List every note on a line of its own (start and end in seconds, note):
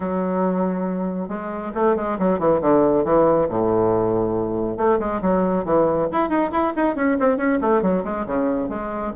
0.00 1.28 F#3
1.28 1.72 G#3
1.74 1.96 A3
1.96 2.17 G#3
2.18 2.39 F#3
2.39 2.60 E3
2.61 3.04 D3
3.04 3.47 E3
3.48 4.77 A2
4.77 4.99 A3
4.99 5.21 G#3
5.21 5.64 F#3
5.64 6.08 E3
6.11 6.29 E4
6.29 6.50 D#4
6.51 6.73 E4
6.75 6.95 D#4
6.95 7.17 C#4
7.19 7.37 C4
7.37 7.58 C#4
7.61 7.81 A3
7.81 8.03 F#3
8.04 8.25 G#3
8.26 8.69 C#3
8.69 9.12 G#3